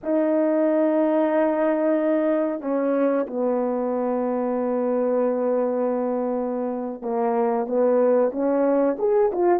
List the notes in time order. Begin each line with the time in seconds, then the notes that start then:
0.03 D#4
2.61 C#4
3.26 B3
7.02 A#3
7.67 B3
8.31 C#4
8.98 G#4
9.31 F4